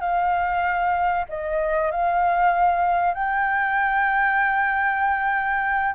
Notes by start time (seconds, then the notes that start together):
0.00 F5
1.28 D#5
1.91 F5
3.14 G5